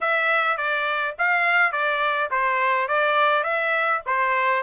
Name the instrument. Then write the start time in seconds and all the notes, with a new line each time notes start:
trumpet
0.00 E5
0.57 D5
1.18 F5
1.72 D5
2.30 C5
2.88 D5
3.43 E5
4.05 C5